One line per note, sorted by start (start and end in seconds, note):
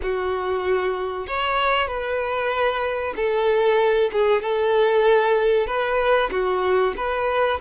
0.02 1.27 F#4
1.27 1.87 C#5
1.87 3.13 B4
3.16 4.10 A4
4.12 4.42 G#4
4.42 5.66 A4
5.66 6.30 B4
6.30 6.94 F#4
6.96 7.60 B4